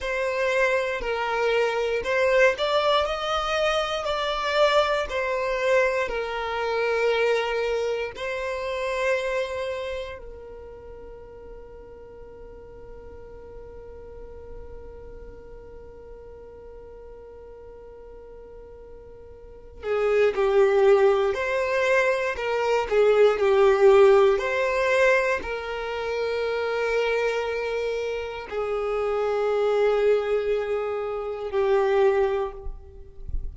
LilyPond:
\new Staff \with { instrumentName = "violin" } { \time 4/4 \tempo 4 = 59 c''4 ais'4 c''8 d''8 dis''4 | d''4 c''4 ais'2 | c''2 ais'2~ | ais'1~ |
ais'2.~ ais'8 gis'8 | g'4 c''4 ais'8 gis'8 g'4 | c''4 ais'2. | gis'2. g'4 | }